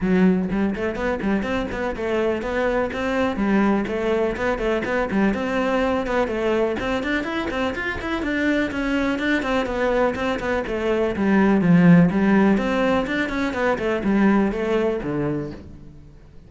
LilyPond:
\new Staff \with { instrumentName = "cello" } { \time 4/4 \tempo 4 = 124 fis4 g8 a8 b8 g8 c'8 b8 | a4 b4 c'4 g4 | a4 b8 a8 b8 g8 c'4~ | c'8 b8 a4 c'8 d'8 e'8 c'8 |
f'8 e'8 d'4 cis'4 d'8 c'8 | b4 c'8 b8 a4 g4 | f4 g4 c'4 d'8 cis'8 | b8 a8 g4 a4 d4 | }